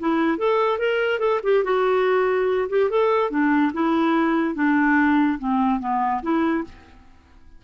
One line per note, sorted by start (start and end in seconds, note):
0.00 0.38 E4
0.38 0.79 A4
0.79 1.20 A#4
1.20 1.41 A4
1.43 1.64 G4
1.64 2.69 F#4
2.69 2.90 G4
2.90 3.30 A4
3.30 3.72 D4
3.73 4.55 E4
4.55 5.38 D4
5.39 5.80 C4
5.80 6.22 B3
6.23 6.64 E4